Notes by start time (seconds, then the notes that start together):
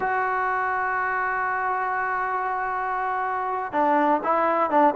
0.00 F#4
3.72 D4
4.23 E4
4.70 D4